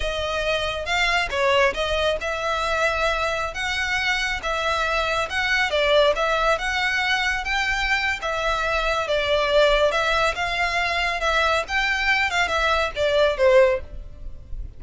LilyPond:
\new Staff \with { instrumentName = "violin" } { \time 4/4 \tempo 4 = 139 dis''2 f''4 cis''4 | dis''4 e''2.~ | e''16 fis''2 e''4.~ e''16~ | e''16 fis''4 d''4 e''4 fis''8.~ |
fis''4~ fis''16 g''4.~ g''16 e''4~ | e''4 d''2 e''4 | f''2 e''4 g''4~ | g''8 f''8 e''4 d''4 c''4 | }